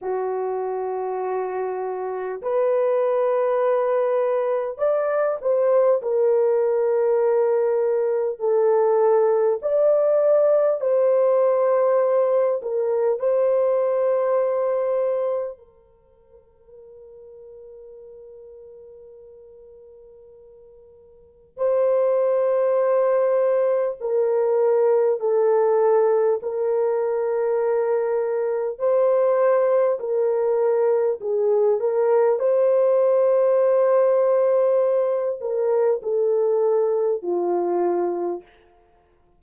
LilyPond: \new Staff \with { instrumentName = "horn" } { \time 4/4 \tempo 4 = 50 fis'2 b'2 | d''8 c''8 ais'2 a'4 | d''4 c''4. ais'8 c''4~ | c''4 ais'2.~ |
ais'2 c''2 | ais'4 a'4 ais'2 | c''4 ais'4 gis'8 ais'8 c''4~ | c''4. ais'8 a'4 f'4 | }